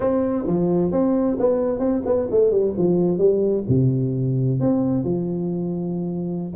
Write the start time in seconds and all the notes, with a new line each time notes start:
0.00 C4
0.46 F3
0.91 C4
1.39 B3
1.79 C4
2.05 B3
2.30 A3
2.50 G3
2.77 F3
3.17 G3
3.68 C3
4.59 C4
5.03 F3